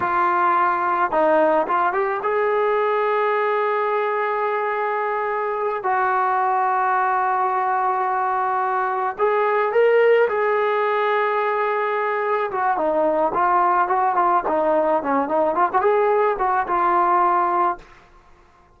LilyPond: \new Staff \with { instrumentName = "trombone" } { \time 4/4 \tempo 4 = 108 f'2 dis'4 f'8 g'8 | gis'1~ | gis'2~ gis'8 fis'4.~ | fis'1~ |
fis'8 gis'4 ais'4 gis'4.~ | gis'2~ gis'8 fis'8 dis'4 | f'4 fis'8 f'8 dis'4 cis'8 dis'8 | f'16 fis'16 gis'4 fis'8 f'2 | }